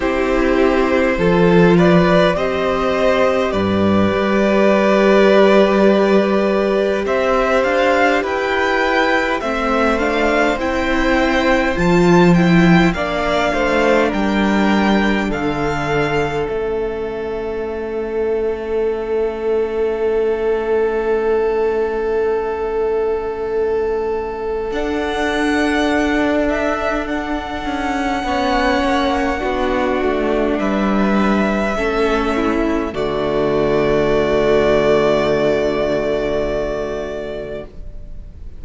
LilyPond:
<<
  \new Staff \with { instrumentName = "violin" } { \time 4/4 \tempo 4 = 51 c''4. d''8 dis''4 d''4~ | d''2 e''8 f''8 g''4 | e''8 f''8 g''4 a''8 g''8 f''4 | g''4 f''4 e''2~ |
e''1~ | e''4 fis''4. e''8 fis''4~ | fis''2 e''2 | d''1 | }
  \new Staff \with { instrumentName = "violin" } { \time 4/4 g'4 a'8 b'8 c''4 b'4~ | b'2 c''4 b'4 | c''2. d''8 c''8 | ais'4 a'2.~ |
a'1~ | a'1 | cis''4 fis'4 b'4 a'8 e'8 | fis'1 | }
  \new Staff \with { instrumentName = "viola" } { \time 4/4 e'4 f'4 g'2~ | g'1 | c'8 d'8 e'4 f'8 e'8 d'4~ | d'2 cis'2~ |
cis'1~ | cis'4 d'2. | cis'4 d'2 cis'4 | a1 | }
  \new Staff \with { instrumentName = "cello" } { \time 4/4 c'4 f4 c'4 g,8 g8~ | g2 c'8 d'8 e'4 | a4 c'4 f4 ais8 a8 | g4 d4 a2~ |
a1~ | a4 d'2~ d'8 cis'8 | b8 ais8 b8 a8 g4 a4 | d1 | }
>>